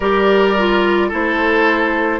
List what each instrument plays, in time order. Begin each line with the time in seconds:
0.00 bassoon G3, clarinet G4, oboe A#4, flute D5
0.57 clarinet F4
1.08 bassoon A3, clarinet E4, oboe A4, flute C5